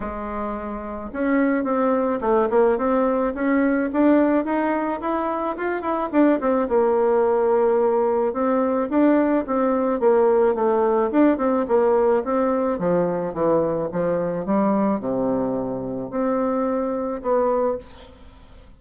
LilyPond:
\new Staff \with { instrumentName = "bassoon" } { \time 4/4 \tempo 4 = 108 gis2 cis'4 c'4 | a8 ais8 c'4 cis'4 d'4 | dis'4 e'4 f'8 e'8 d'8 c'8 | ais2. c'4 |
d'4 c'4 ais4 a4 | d'8 c'8 ais4 c'4 f4 | e4 f4 g4 c4~ | c4 c'2 b4 | }